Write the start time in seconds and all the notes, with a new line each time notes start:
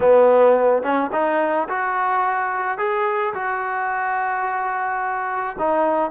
0.00 B3
0.82 C#4
1.12 D#4
1.68 F#4
2.78 G#4
3.34 F#4
5.58 D#4